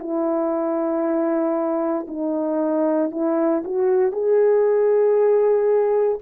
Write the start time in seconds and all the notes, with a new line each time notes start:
0.00 E4
2.08 D#4
3.12 E4
3.65 F#4
4.12 G#4